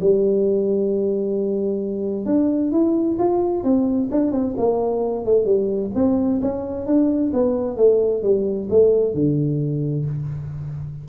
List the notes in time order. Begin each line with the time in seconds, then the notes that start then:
0.00 G3
2.25 D4
2.71 E4
3.19 F4
3.63 C4
4.11 D4
4.31 C4
4.57 A#3
5.25 A3
5.45 G3
5.95 C4
6.41 C#4
6.86 D4
7.33 B3
7.77 A3
8.23 G3
8.70 A3
9.14 D3